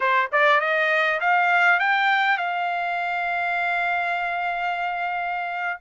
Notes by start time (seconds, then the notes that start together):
0.00 C5
0.32 D5
0.60 D#5
1.20 F5
1.79 G5
2.37 F5